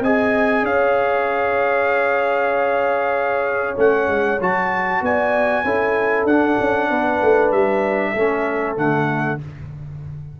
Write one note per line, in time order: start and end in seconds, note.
0.00 0.62 C4
0.00 3.76 G#4
0.00 0.63 D#5
0.00 0.65 G#5
0.62 3.74 C#4
0.62 5.01 C#5
0.62 3.77 F5
3.76 4.08 A3
3.76 4.39 C#4
3.76 4.41 F#5
4.08 4.39 G#3
4.40 5.01 F#3
4.40 5.65 F#4
4.40 5.04 A5
5.01 5.63 B3
5.01 5.64 D5
5.01 6.26 G#5
5.64 6.24 C#4
5.64 6.27 E4
5.64 6.89 A4
6.24 6.55 D4
6.24 8.16 D4
6.24 7.51 F#5
6.60 6.89 C#4
6.89 7.21 B3
6.89 8.11 B4
7.21 7.52 A3
7.51 8.14 G3
7.51 8.76 E5
8.11 8.77 A3
8.11 8.75 C#4
8.11 9.36 A4
8.75 9.39 D3
8.75 9.38 A3
8.75 9.40 F#5